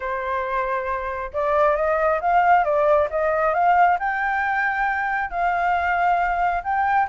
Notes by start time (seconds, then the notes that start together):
0.00 C5
1.33 D5
1.75 D#5
2.20 F5
2.64 D5
3.10 D#5
3.54 F5
3.99 G5
5.30 F5
6.63 G5